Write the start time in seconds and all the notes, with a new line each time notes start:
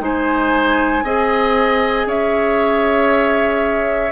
0.00 G#3 D#4 C5 G#5
1.03 C4 G#4 D#5
2.06 C#4 C#5 E5